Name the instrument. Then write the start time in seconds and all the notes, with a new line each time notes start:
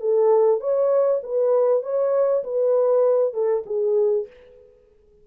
horn
0.00 A4
0.60 C#5
1.23 B4
1.82 C#5
2.44 B4
3.33 A4
3.66 G#4